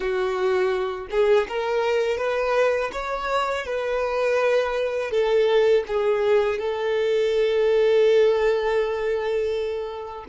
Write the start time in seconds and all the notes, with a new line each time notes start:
0.00 F#4
1.10 G#4
1.48 A#4
2.18 B4
2.92 C#5
3.65 B4
5.10 A4
5.87 G#4
6.59 A4